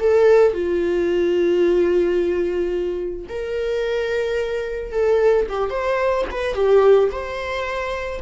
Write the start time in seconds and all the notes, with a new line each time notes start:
0.00 A4
0.54 F4
3.29 A#4
4.92 A4
5.49 G4
5.70 C5
6.31 B4
6.55 G4
7.12 C5